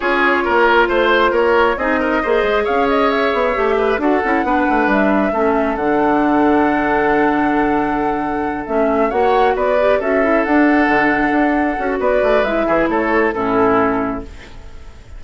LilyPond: <<
  \new Staff \with { instrumentName = "flute" } { \time 4/4 \tempo 4 = 135 cis''2 c''4 cis''4 | dis''2 f''8 dis''8 e''4~ | e''4 fis''2 e''4~ | e''4 fis''2.~ |
fis''2.~ fis''8 e''8~ | e''8 fis''4 d''4 e''4 fis''8~ | fis''2. d''4 | e''4 cis''4 a'2 | }
  \new Staff \with { instrumentName = "oboe" } { \time 4/4 gis'4 ais'4 c''4 ais'4 | gis'8 ais'8 c''4 cis''2~ | cis''8 b'8 a'4 b'2 | a'1~ |
a'1~ | a'8 cis''4 b'4 a'4.~ | a'2. b'4~ | b'8 gis'8 a'4 e'2 | }
  \new Staff \with { instrumentName = "clarinet" } { \time 4/4 f'1 | dis'4 gis'2. | g'4 fis'8 e'8 d'2 | cis'4 d'2.~ |
d'2.~ d'8 cis'8~ | cis'8 fis'4. g'8 fis'8 e'8 d'8~ | d'2~ d'8 fis'4. | e'2 cis'2 | }
  \new Staff \with { instrumentName = "bassoon" } { \time 4/4 cis'4 ais4 a4 ais4 | c'4 ais8 gis8 cis'4. b8 | a4 d'8 cis'8 b8 a8 g4 | a4 d2.~ |
d2.~ d8 a8~ | a8 ais4 b4 cis'4 d'8~ | d'8 d4 d'4 cis'8 b8 a8 | gis8 e8 a4 a,2 | }
>>